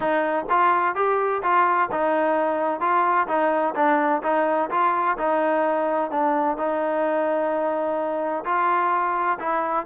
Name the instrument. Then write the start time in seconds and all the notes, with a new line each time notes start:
trombone
0.00 D#4
0.49 F4
0.95 G4
1.42 F4
1.91 D#4
2.80 F4
3.27 D#4
3.75 D4
4.23 D#4
4.70 F4
5.18 D#4
6.10 D4
6.57 D#4
8.44 F4
9.39 E4